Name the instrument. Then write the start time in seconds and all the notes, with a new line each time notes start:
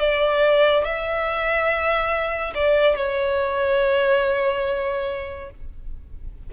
violin
0.00 D5
0.85 E5
2.55 D5
2.97 C#5